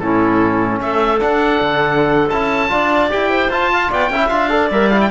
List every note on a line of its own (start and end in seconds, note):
0.00 0.81 A2
0.00 1.20 C#4
0.00 0.82 E4
0.00 0.80 A4
0.81 1.21 A3
0.81 2.72 A4
0.81 1.21 E5
1.20 2.30 D4
1.20 1.61 D4
1.20 2.30 F#5
1.61 2.31 D3
2.30 2.72 C#4
2.30 2.70 E4
2.30 3.10 A5
2.70 3.12 D4
2.70 3.10 F4
2.70 3.31 D5
3.10 3.50 E4
3.10 3.50 G4
3.10 3.52 G5
3.31 3.71 C5
3.50 3.90 F4
3.50 4.11 F4
3.50 3.92 A5
3.73 3.91 F5
3.91 4.10 B3
3.91 4.11 D5
3.91 4.29 G5
4.10 4.30 C#4
4.10 4.31 E4
4.10 4.51 E5
4.29 4.71 D4
4.29 4.49 F4
4.29 4.69 F5
4.49 4.69 A4
4.49 5.11 D5
4.71 5.11 G3
4.71 4.92 A#4
4.71 4.90 E5
4.90 5.11 E4
4.90 5.00 F5
5.02 5.11 G5